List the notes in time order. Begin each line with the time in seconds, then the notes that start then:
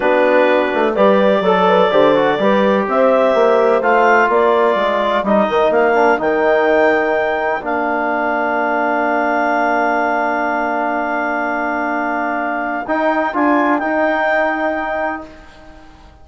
0.00 B3 D4 F#4 B4
0.74 A3
0.94 G3 G4 B4 D5
1.40 F#3 A4
1.67 B4
1.91 D3 G4 C5
2.15 F#4
2.38 G3 G4 B4
2.87 C4 C5 E5
3.34 A#3
3.80 A3 F4 F5
4.28 A#3 A#4 D5
4.75 G#3
5.23 G3 D#4 D#5
5.48 D#3
5.69 A#3 F5
5.94 D4
6.18 D#3 D#4 G5
7.60 A#3 D4 F5
12.86 D#4 G5
13.33 D4 F4 G#5
13.78 D#4 G5
13.85 D#4